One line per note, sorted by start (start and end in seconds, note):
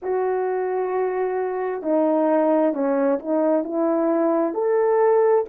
0.02 1.82 F#4
1.82 2.73 D#4
2.73 3.19 C#4
3.19 3.64 D#4
3.64 4.54 E4
4.54 5.45 A4